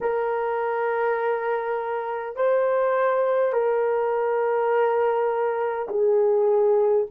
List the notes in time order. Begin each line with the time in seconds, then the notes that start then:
0.00 A#4
2.35 C5
3.52 A#4
5.88 G#4